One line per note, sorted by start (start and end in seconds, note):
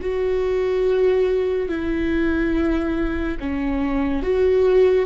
0.00 1.68 F#4
1.68 3.37 E4
3.39 4.22 C#4
4.22 5.05 F#4